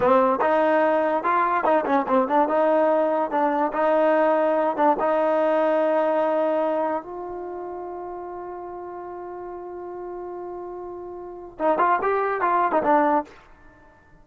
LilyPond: \new Staff \with { instrumentName = "trombone" } { \time 4/4 \tempo 4 = 145 c'4 dis'2 f'4 | dis'8 cis'8 c'8 d'8 dis'2 | d'4 dis'2~ dis'8 d'8 | dis'1~ |
dis'4 f'2.~ | f'1~ | f'1 | dis'8 f'8 g'4 f'8. dis'16 d'4 | }